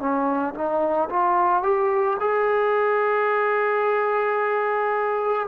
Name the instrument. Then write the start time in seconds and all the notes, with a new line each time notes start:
trombone
0.00 C#4
0.55 D#4
1.10 F4
1.63 G4
2.20 G#4